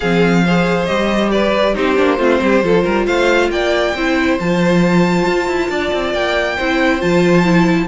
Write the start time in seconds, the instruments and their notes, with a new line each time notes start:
0.00 cello F3, viola C4, violin G#4 F5
0.44 viola G#4, violin C5
0.85 cello G3, viola G4, violin D#5
1.31 violin B4 D5
1.74 cello C4, viola D#4, violin G4 C5
1.95 cello A#3, viola D4
2.18 cello A3, viola C4, violin F4
2.40 cello G3, violin G4
2.62 cello F3, viola F4, violin A4
2.83 cello G3, violin A#4
3.06 cello A3, violin C5 F5
3.50 cello A#3, violin D5 G5
3.94 cello C4, viola E4, violin C5
4.39 cello F3, viola F4, violin A5
5.25 cello F4
5.47 cello E4
5.69 cello D4, violin D5
5.93 cello C4
6.13 cello A#3, violin G5
6.56 cello C4, viola E4, violin C5
6.99 cello F3, viola F4, violin A5
7.43 viola E4